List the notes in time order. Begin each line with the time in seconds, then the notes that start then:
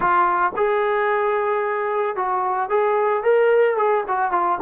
0.00 F4
0.56 G#4
2.15 F#4
2.69 G#4
3.23 A#4
3.77 G#4
4.07 F#4
4.31 F4